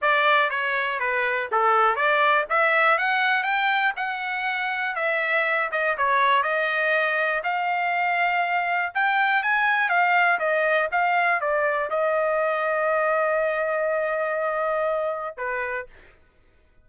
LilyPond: \new Staff \with { instrumentName = "trumpet" } { \time 4/4 \tempo 4 = 121 d''4 cis''4 b'4 a'4 | d''4 e''4 fis''4 g''4 | fis''2 e''4. dis''8 | cis''4 dis''2 f''4~ |
f''2 g''4 gis''4 | f''4 dis''4 f''4 d''4 | dis''1~ | dis''2. b'4 | }